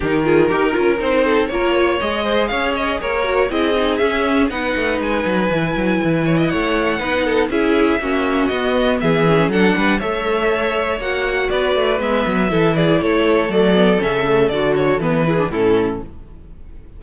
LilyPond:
<<
  \new Staff \with { instrumentName = "violin" } { \time 4/4 \tempo 4 = 120 ais'2 c''4 cis''4 | dis''4 f''8 dis''8 cis''4 dis''4 | e''4 fis''4 gis''2~ | gis''4 fis''2 e''4~ |
e''4 dis''4 e''4 fis''4 | e''2 fis''4 d''4 | e''4. d''8 cis''4 d''4 | e''4 d''8 cis''8 b'4 a'4 | }
  \new Staff \with { instrumentName = "violin" } { \time 4/4 g'8 gis'8 ais'4. a'8 ais'8 cis''8~ | cis''8 c''8 cis''4 ais'4 gis'4~ | gis'4 b'2.~ | b'8 cis''16 dis''16 cis''4 b'8 a'8 gis'4 |
fis'2 gis'4 a'8 b'8 | cis''2. b'4~ | b'4 a'8 gis'8 a'2~ | a'2~ a'8 gis'8 e'4 | }
  \new Staff \with { instrumentName = "viola" } { \time 4/4 dis'8 f'8 g'8 f'8 dis'4 f'4 | gis'2~ gis'8 fis'8 e'8 dis'8 | cis'4 dis'2 e'4~ | e'2 dis'4 e'4 |
cis'4 b4. cis'8 d'4 | a'2 fis'2 | b4 e'2 a8 b8 | cis'8 a8 fis'4 b8 e'16 d'16 cis'4 | }
  \new Staff \with { instrumentName = "cello" } { \time 4/4 dis4 dis'8 cis'8 c'4 ais4 | gis4 cis'4 ais4 c'4 | cis'4 b8 a8 gis8 fis8 e8 fis8 | e4 a4 b4 cis'4 |
ais4 b4 e4 fis8 g8 | a2 ais4 b8 a8 | gis8 fis8 e4 a4 fis4 | cis4 d4 e4 a,4 | }
>>